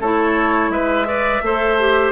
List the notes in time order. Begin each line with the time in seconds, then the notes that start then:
0.00 A3 E4 A4 C#5
0.70 G#3 B4 E5
1.07 B4 D5
1.43 A3 A4 C5
1.80 G4